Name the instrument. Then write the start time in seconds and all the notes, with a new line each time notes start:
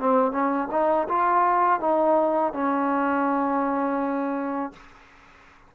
trombone
0.00 C4
0.32 C#4
0.72 D#4
1.09 F4
1.80 D#4
2.53 C#4